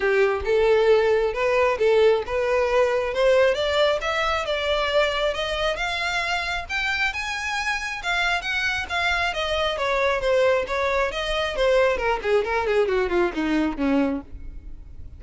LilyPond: \new Staff \with { instrumentName = "violin" } { \time 4/4 \tempo 4 = 135 g'4 a'2 b'4 | a'4 b'2 c''4 | d''4 e''4 d''2 | dis''4 f''2 g''4 |
gis''2 f''4 fis''4 | f''4 dis''4 cis''4 c''4 | cis''4 dis''4 c''4 ais'8 gis'8 | ais'8 gis'8 fis'8 f'8 dis'4 cis'4 | }